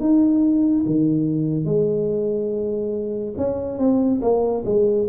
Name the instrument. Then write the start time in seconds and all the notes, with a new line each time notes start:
tuba
0.00 D#4
0.86 D#3
1.65 G#3
3.37 C#4
3.78 C4
4.22 A#3
4.65 G#3